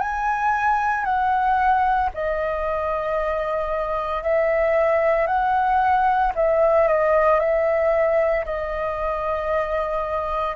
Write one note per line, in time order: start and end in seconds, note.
0.00 1.04 G#5
1.04 2.10 F#5
2.14 4.22 D#5
4.22 5.27 E5
5.27 6.32 F#5
6.35 6.88 E5
6.88 7.40 D#5
7.40 8.45 E5
8.45 10.56 D#5